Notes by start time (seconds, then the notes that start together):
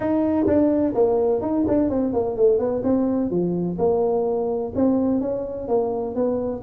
0.00 D#4
0.46 D4
0.94 A#3
1.41 D#4
1.67 D4
1.89 C4
2.13 A#3
2.36 A3
2.58 B3
2.83 C4
3.30 F3
3.78 A#3
4.75 C4
5.20 C#4
5.67 A#3
6.15 B3